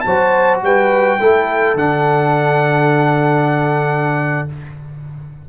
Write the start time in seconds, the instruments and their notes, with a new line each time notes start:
0.00 tuba F#3, trombone F#4, horn C5, trumpet A5
0.62 tuba G3, horn B4, trumpet G5
1.20 tuba A3, trombone E4, horn A4
1.74 tuba D3, trombone D4, trumpet F#5